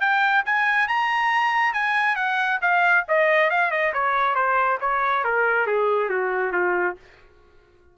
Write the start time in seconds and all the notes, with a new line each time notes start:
0.00 G5
0.45 G#5
0.88 A#5
1.73 G#5
2.16 F#5
2.61 F5
3.08 D#5
3.50 F5
3.71 D#5
3.93 C#5
4.35 C5
4.80 C#5
5.24 A#4
5.66 G#4
6.09 F#4
6.52 F4